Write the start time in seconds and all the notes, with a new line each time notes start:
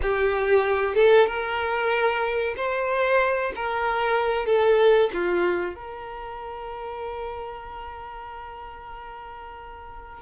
0.01 G4
0.94 A4
1.26 A#4
2.56 C5
3.55 A#4
4.46 A4
5.13 F4
5.74 A#4